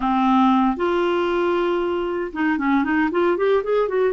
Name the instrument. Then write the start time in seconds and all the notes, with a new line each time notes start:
clarinet
0.00 C4
0.76 F4
2.33 D#4
2.57 C#4
2.84 D#4
3.11 F4
3.37 G4
3.63 G#4
3.88 F#4